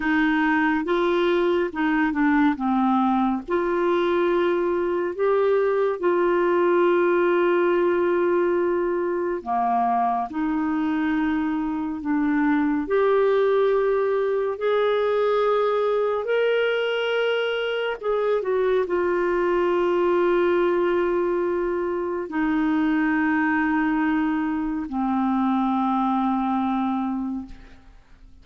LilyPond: \new Staff \with { instrumentName = "clarinet" } { \time 4/4 \tempo 4 = 70 dis'4 f'4 dis'8 d'8 c'4 | f'2 g'4 f'4~ | f'2. ais4 | dis'2 d'4 g'4~ |
g'4 gis'2 ais'4~ | ais'4 gis'8 fis'8 f'2~ | f'2 dis'2~ | dis'4 c'2. | }